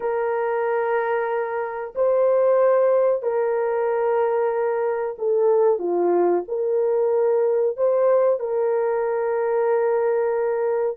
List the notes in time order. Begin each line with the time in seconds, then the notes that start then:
0.00 A#4
1.95 C5
3.22 A#4
5.18 A4
5.79 F4
6.48 A#4
7.76 C5
8.39 A#4